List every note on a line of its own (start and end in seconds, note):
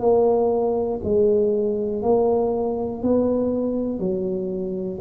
0.00 1.00 A#3
1.04 2.03 G#3
2.03 3.03 A#3
3.03 3.99 B3
3.99 4.99 F#3